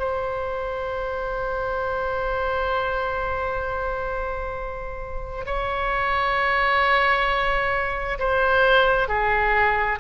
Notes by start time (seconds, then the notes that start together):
0.00 C5
5.46 C#5
8.19 C5
9.09 G#4